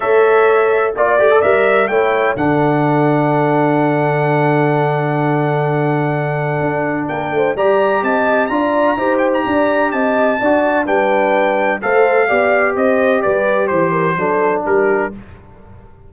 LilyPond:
<<
  \new Staff \with { instrumentName = "trumpet" } { \time 4/4 \tempo 4 = 127 e''2 d''4 e''4 | g''4 fis''2.~ | fis''1~ | fis''2. g''4 |
ais''4 a''4 ais''4. g''16 ais''16~ | ais''4 a''2 g''4~ | g''4 f''2 dis''4 | d''4 c''2 ais'4 | }
  \new Staff \with { instrumentName = "horn" } { \time 4/4 cis''2 d''2 | cis''4 a'2.~ | a'1~ | a'2. ais'8 c''8 |
d''4 dis''4 d''4 c''4 | d''4 dis''4 d''4 b'4~ | b'4 c''4 d''4 c''4 | b'4 c''8 ais'8 a'4 g'4 | }
  \new Staff \with { instrumentName = "trombone" } { \time 4/4 a'2 f'8 g'16 a'16 ais'4 | e'4 d'2.~ | d'1~ | d'1 |
g'2 f'4 g'4~ | g'2 fis'4 d'4~ | d'4 a'4 g'2~ | g'2 d'2 | }
  \new Staff \with { instrumentName = "tuba" } { \time 4/4 a2 ais8 a8 g4 | a4 d2.~ | d1~ | d2 d'4 ais8 a8 |
g4 c'4 d'4 dis'4 | d'4 c'4 d'4 g4~ | g4 a4 b4 c'4 | g4 e4 fis4 g4 | }
>>